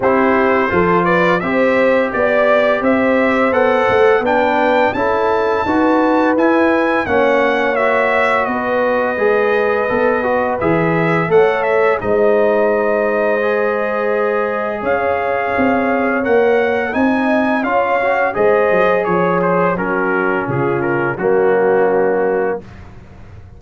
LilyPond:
<<
  \new Staff \with { instrumentName = "trumpet" } { \time 4/4 \tempo 4 = 85 c''4. d''8 e''4 d''4 | e''4 fis''4 g''4 a''4~ | a''4 gis''4 fis''4 e''4 | dis''2. e''4 |
fis''8 e''8 dis''2.~ | dis''4 f''2 fis''4 | gis''4 f''4 dis''4 cis''8 c''8 | ais'4 gis'8 ais'8 fis'2 | }
  \new Staff \with { instrumentName = "horn" } { \time 4/4 g'4 a'8 b'8 c''4 d''4 | c''2 b'4 a'4 | b'2 cis''2 | b'1 |
cis''4 c''2.~ | c''4 cis''2. | dis''4 cis''4 c''4 cis''4 | fis'4 f'4 cis'2 | }
  \new Staff \with { instrumentName = "trombone" } { \time 4/4 e'4 f'4 g'2~ | g'4 a'4 d'4 e'4 | fis'4 e'4 cis'4 fis'4~ | fis'4 gis'4 a'8 fis'8 gis'4 |
a'4 dis'2 gis'4~ | gis'2. ais'4 | dis'4 f'8 fis'8 gis'2 | cis'2 ais2 | }
  \new Staff \with { instrumentName = "tuba" } { \time 4/4 c'4 f4 c'4 b4 | c'4 b8 a8 b4 cis'4 | dis'4 e'4 ais2 | b4 gis4 b4 e4 |
a4 gis2.~ | gis4 cis'4 c'4 ais4 | c'4 cis'4 gis8 fis8 f4 | fis4 cis4 fis2 | }
>>